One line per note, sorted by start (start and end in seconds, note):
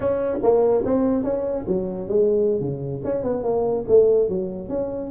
0.00 0.38 C#4
0.42 0.84 A#3
0.85 1.23 C4
1.23 1.65 C#4
1.67 2.08 F#3
2.08 2.60 G#3
2.60 3.02 C#3
3.04 3.23 C#4
3.23 3.43 B3
3.43 3.84 A#3
3.88 4.29 A3
4.29 4.68 F#3
4.68 5.10 C#4